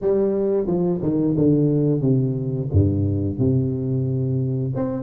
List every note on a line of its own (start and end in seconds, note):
0.01 0.66 G3
0.66 1.00 F3
1.01 1.35 D#3
1.37 2.01 D3
2.01 2.68 C3
2.72 3.38 G2
3.38 4.73 C3
4.75 5.03 C4